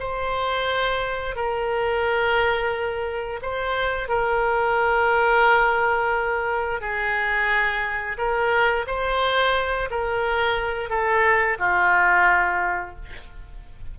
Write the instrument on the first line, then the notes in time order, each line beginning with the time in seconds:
oboe
0.00 C5
1.36 A#4
3.42 C5
4.09 A#4
6.81 G#4
8.18 A#4
8.87 C5
9.91 A#4
10.90 A4
11.59 F4